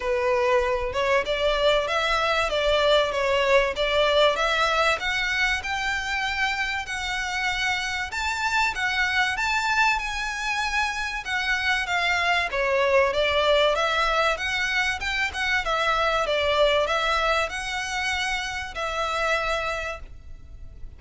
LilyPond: \new Staff \with { instrumentName = "violin" } { \time 4/4 \tempo 4 = 96 b'4. cis''8 d''4 e''4 | d''4 cis''4 d''4 e''4 | fis''4 g''2 fis''4~ | fis''4 a''4 fis''4 a''4 |
gis''2 fis''4 f''4 | cis''4 d''4 e''4 fis''4 | g''8 fis''8 e''4 d''4 e''4 | fis''2 e''2 | }